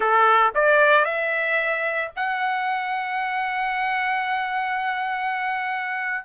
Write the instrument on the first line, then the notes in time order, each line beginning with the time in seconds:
trumpet
0.00 A4
0.54 D5
1.05 E5
2.16 F#5